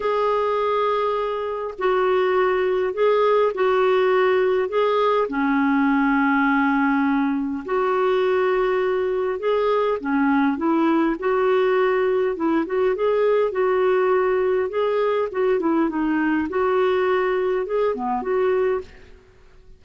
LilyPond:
\new Staff \with { instrumentName = "clarinet" } { \time 4/4 \tempo 4 = 102 gis'2. fis'4~ | fis'4 gis'4 fis'2 | gis'4 cis'2.~ | cis'4 fis'2. |
gis'4 cis'4 e'4 fis'4~ | fis'4 e'8 fis'8 gis'4 fis'4~ | fis'4 gis'4 fis'8 e'8 dis'4 | fis'2 gis'8 b8 fis'4 | }